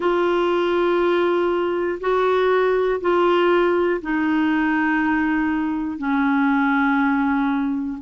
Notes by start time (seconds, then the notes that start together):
0.00 F4
2.00 F#4
3.00 F4
4.01 D#4
5.98 C#4